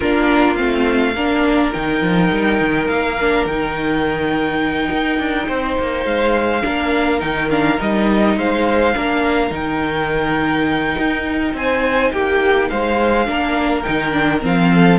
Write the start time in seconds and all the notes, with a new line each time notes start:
0.00 A#3 D4 F4 A#4
0.56 A3 C4 F5
1.14 A#3 D4 A#4
1.73 D#3 D#4 G5
2.01 F3
2.31 G3
2.60 D#3
2.88 A#3 F5
3.20 D4
3.45 D#3 D#4 G5
4.91 D#4
5.19 D4
5.47 C4 C5
5.78 A#3
6.05 G#3 F5
6.62 A#3 D4 A#4
7.19 D#3 D#4 G5
7.50 D4 F5
7.78 G3 D#4 D#5
8.36 G#3 C5 F5
8.95 A#3 D4 A#4
9.50 D#3 D#4 G5
10.97 D#4
11.53 C4 C5 G#5
12.11 A#3 G4 G5
12.69 G#3 C5 F5
13.25 A#3 D4 A#4
13.82 D#3 D#4 G5
14.11 D4
14.41 F3 C4 F5
14.73 A4